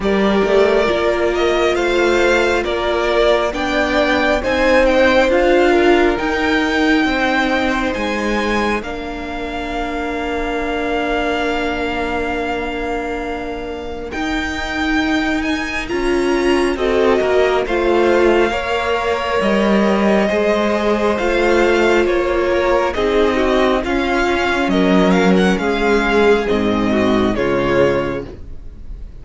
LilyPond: <<
  \new Staff \with { instrumentName = "violin" } { \time 4/4 \tempo 4 = 68 d''4. dis''8 f''4 d''4 | g''4 gis''8 g''8 f''4 g''4~ | g''4 gis''4 f''2~ | f''1 |
g''4. gis''8 ais''4 dis''4 | f''2 dis''2 | f''4 cis''4 dis''4 f''4 | dis''8 f''16 fis''16 f''4 dis''4 cis''4 | }
  \new Staff \with { instrumentName = "violin" } { \time 4/4 ais'2 c''4 ais'4 | d''4 c''4. ais'4. | c''2 ais'2~ | ais'1~ |
ais'2. a'8 ais'8 | c''4 cis''2 c''4~ | c''4. ais'8 gis'8 fis'8 f'4 | ais'4 gis'4. fis'8 f'4 | }
  \new Staff \with { instrumentName = "viola" } { \time 4/4 g'4 f'2. | d'4 dis'4 f'4 dis'4~ | dis'2 d'2~ | d'1 |
dis'2 f'4 fis'4 | f'4 ais'2 gis'4 | f'2 dis'4 cis'4~ | cis'2 c'4 gis4 | }
  \new Staff \with { instrumentName = "cello" } { \time 4/4 g8 a8 ais4 a4 ais4 | b4 c'4 d'4 dis'4 | c'4 gis4 ais2~ | ais1 |
dis'2 cis'4 c'8 ais8 | a4 ais4 g4 gis4 | a4 ais4 c'4 cis'4 | fis4 gis4 gis,4 cis4 | }
>>